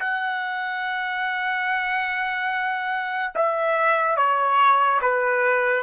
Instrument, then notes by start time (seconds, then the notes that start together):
trumpet
0.00 F#5
3.35 E5
4.17 C#5
5.02 B4